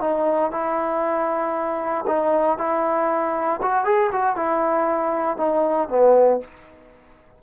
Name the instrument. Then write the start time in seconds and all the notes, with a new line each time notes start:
trombone
0.00 D#4
0.51 E4
2.07 D#4
2.58 E4
3.62 F#4
3.84 G#4
4.12 F#4
4.35 E4
5.37 D#4
5.89 B3